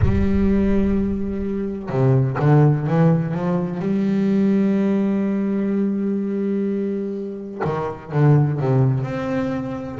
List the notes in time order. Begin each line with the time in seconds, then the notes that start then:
0.01 G3
1.89 C3
2.39 D3
2.87 E3
3.33 F3
3.79 G3
7.64 D#3
8.12 D3
8.59 C3
9.03 C4